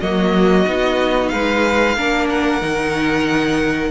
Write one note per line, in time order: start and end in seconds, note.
0.00 0.67 F#3
0.00 0.65 A#3
0.00 1.32 F#4
0.00 1.29 D#5
0.65 1.32 B3
0.65 1.95 D#4
1.29 1.96 G#3
1.29 1.96 B4
1.29 2.26 F5
1.96 2.61 A#3
1.96 2.61 D4
1.96 3.91 A#4
2.29 3.91 F#5
2.61 3.91 D#3
2.61 3.91 D#4